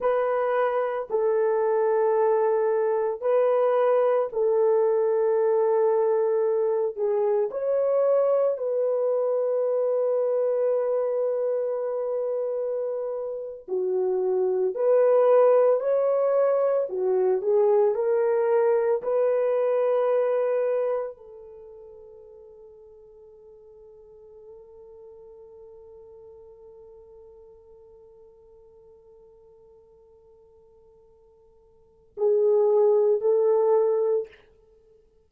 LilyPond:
\new Staff \with { instrumentName = "horn" } { \time 4/4 \tempo 4 = 56 b'4 a'2 b'4 | a'2~ a'8 gis'8 cis''4 | b'1~ | b'8. fis'4 b'4 cis''4 fis'16~ |
fis'16 gis'8 ais'4 b'2 a'16~ | a'1~ | a'1~ | a'2 gis'4 a'4 | }